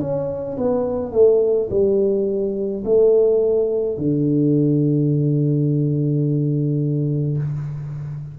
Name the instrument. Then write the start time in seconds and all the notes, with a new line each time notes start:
tuba
0.00 C#4
0.57 B3
1.12 A3
1.70 G3
2.85 A3
3.97 D3